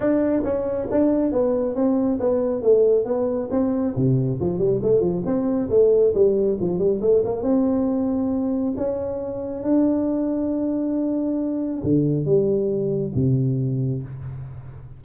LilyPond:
\new Staff \with { instrumentName = "tuba" } { \time 4/4 \tempo 4 = 137 d'4 cis'4 d'4 b4 | c'4 b4 a4 b4 | c'4 c4 f8 g8 a8 f8 | c'4 a4 g4 f8 g8 |
a8 ais8 c'2. | cis'2 d'2~ | d'2. d4 | g2 c2 | }